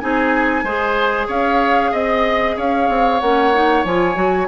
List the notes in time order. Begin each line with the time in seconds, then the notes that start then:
0.00 C4 D#4 G#4 G#5
0.64 G#3 G#4 C5
1.28 C#4 C#5 F5
1.92 C4 D#5
2.57 C#4 C#5 F5
2.89 C4
3.20 A#3 C#4 F#5
3.54 D#4
3.85 F3 F4 G#5
4.16 F#3 F#4